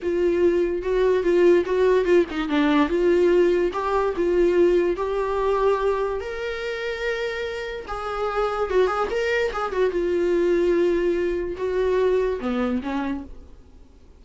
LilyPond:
\new Staff \with { instrumentName = "viola" } { \time 4/4 \tempo 4 = 145 f'2 fis'4 f'4 | fis'4 f'8 dis'8 d'4 f'4~ | f'4 g'4 f'2 | g'2. ais'4~ |
ais'2. gis'4~ | gis'4 fis'8 gis'8 ais'4 gis'8 fis'8 | f'1 | fis'2 b4 cis'4 | }